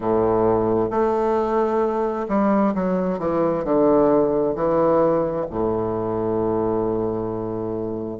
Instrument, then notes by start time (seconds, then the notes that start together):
bassoon
0.00 A2
0.90 A3
2.28 G3
2.74 F#3
3.18 E3
3.64 D3
4.55 E3
5.50 A2